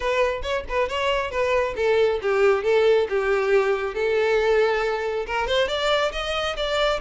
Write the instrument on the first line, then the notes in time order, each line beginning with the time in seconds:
violin
0.00 B4
0.42 C#5
0.68 B4
0.89 C#5
1.30 B4
1.76 A4
2.22 G4
2.63 A4
3.09 G4
3.94 A4
5.26 A#4
5.47 C5
5.68 D5
6.12 D#5
6.56 D5